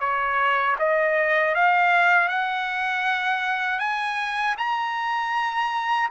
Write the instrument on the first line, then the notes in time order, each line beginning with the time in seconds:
trumpet
0.00 C#5
0.79 D#5
1.55 F5
2.29 F#5
3.79 G#5
4.57 A#5